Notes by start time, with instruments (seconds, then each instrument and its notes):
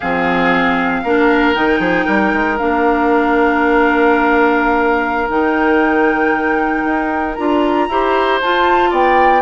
0.00 bassoon F3, clarinet C4, oboe G#4, flute F5
1.03 bassoon A#3, clarinet D4, oboe A#4
1.54 bassoon D#3, clarinet D#4, flute G5
1.79 bassoon F3, oboe G#4
2.05 bassoon G3, oboe A#4
2.33 bassoon G#3
2.58 bassoon A#3, clarinet D4, flute F5
5.29 bassoon D#3, clarinet D#4, flute G5
6.84 bassoon D#4
7.35 bassoon D4, clarinet F4, flute A#5
7.88 bassoon E4, clarinet G4, oboe C5
8.41 bassoon F4, clarinet F4, flute A5
8.90 bassoon B3, oboe D5, flute G5